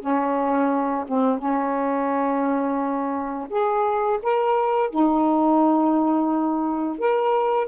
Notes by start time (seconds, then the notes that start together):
0.00 C#4
1.07 C4
1.38 C#4
3.49 G#4
4.23 A#4
4.90 D#4
6.98 A#4